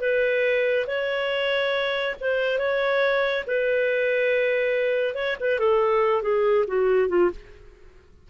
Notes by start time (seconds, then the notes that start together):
0.00 B4
0.87 C#5
2.20 C5
2.58 C#5
3.47 B4
5.14 C#5
5.40 B4
5.59 A4
6.22 G#4
6.67 F#4
7.09 F4